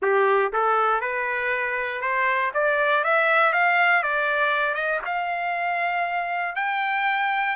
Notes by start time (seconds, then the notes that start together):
0.02 G4
0.52 A4
1.00 B4
2.01 C5
2.53 D5
3.04 E5
3.52 F5
4.02 D5
4.74 D#5
5.05 F5
6.55 G5